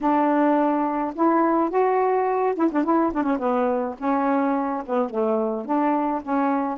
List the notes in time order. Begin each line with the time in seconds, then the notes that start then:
0.01 D4
1.15 E4
1.70 F#4
2.56 E4
2.72 D4
2.84 E4
3.13 D4
3.23 C#4
3.39 B3
3.98 C#4
4.86 B3
5.10 A3
5.65 D4
6.22 C#4